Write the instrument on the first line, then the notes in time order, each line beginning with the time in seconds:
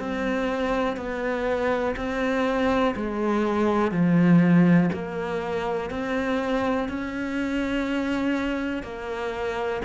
cello
0.00 C4
0.97 B3
1.97 C4
2.96 G#3
3.92 F3
4.93 A#3
5.91 C4
6.89 C#4
8.83 A#3